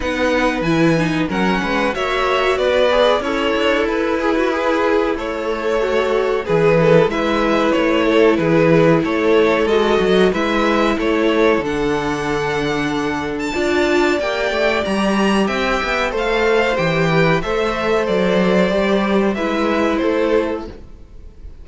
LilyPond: <<
  \new Staff \with { instrumentName = "violin" } { \time 4/4 \tempo 4 = 93 fis''4 gis''4 fis''4 e''4 | d''4 cis''4 b'2 | cis''2 b'4 e''4 | cis''4 b'4 cis''4 dis''4 |
e''4 cis''4 fis''2~ | fis''8. a''4~ a''16 g''4 ais''4 | g''4 f''4 g''4 e''4 | d''2 e''4 c''4 | }
  \new Staff \with { instrumentName = "violin" } { \time 4/4 b'2 ais'8 b'8 cis''4 | b'4 e'2.~ | e'4 fis'4 gis'8 a'8 b'4~ | b'8 a'8 gis'4 a'2 |
b'4 a'2.~ | a'4 d''2. | e''4 c''4. b'8 c''4~ | c''2 b'4 a'4 | }
  \new Staff \with { instrumentName = "viola" } { \time 4/4 dis'4 e'8 dis'8 cis'4 fis'4~ | fis'8 gis'8 a'4. gis'16 fis'16 gis'4 | a'2 gis'4 e'4~ | e'2. fis'4 |
e'2 d'2~ | d'4 f'4 g'2~ | g'4 a'4 g'4 a'4~ | a'4 g'4 e'2 | }
  \new Staff \with { instrumentName = "cello" } { \time 4/4 b4 e4 fis8 gis8 ais4 | b4 cis'8 d'8 e'2 | a2 e4 gis4 | a4 e4 a4 gis8 fis8 |
gis4 a4 d2~ | d4 d'4 ais8 a8 g4 | c'8 b8 a4 e4 a4 | fis4 g4 gis4 a4 | }
>>